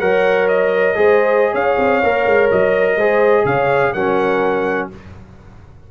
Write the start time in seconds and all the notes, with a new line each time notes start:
0.00 F#3 A#4 C#5 F#5
0.48 D#5
0.95 G#3 G#4 C5
1.52 C#4 C#5 F5
1.78 C4
2.03 A#3 A#4
2.26 G#3
2.51 F#3 D#5
2.96 G#3 G#4 C5
3.45 C#3 C#5 F5
3.93 F#3 C#4 A#4 F#5